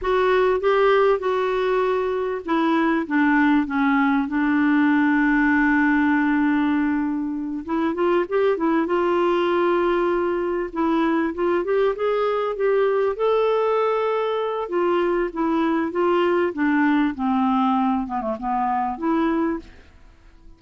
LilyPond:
\new Staff \with { instrumentName = "clarinet" } { \time 4/4 \tempo 4 = 98 fis'4 g'4 fis'2 | e'4 d'4 cis'4 d'4~ | d'1~ | d'8 e'8 f'8 g'8 e'8 f'4.~ |
f'4. e'4 f'8 g'8 gis'8~ | gis'8 g'4 a'2~ a'8 | f'4 e'4 f'4 d'4 | c'4. b16 a16 b4 e'4 | }